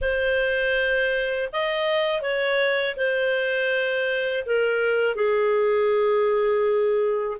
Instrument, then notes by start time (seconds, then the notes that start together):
clarinet
0.01 C5
1.52 D#5
2.21 C#5
2.96 C5
4.45 A#4
5.15 G#4